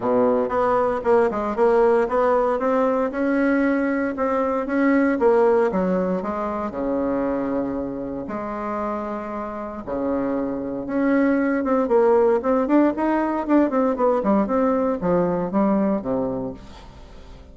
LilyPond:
\new Staff \with { instrumentName = "bassoon" } { \time 4/4 \tempo 4 = 116 b,4 b4 ais8 gis8 ais4 | b4 c'4 cis'2 | c'4 cis'4 ais4 fis4 | gis4 cis2. |
gis2. cis4~ | cis4 cis'4. c'8 ais4 | c'8 d'8 dis'4 d'8 c'8 b8 g8 | c'4 f4 g4 c4 | }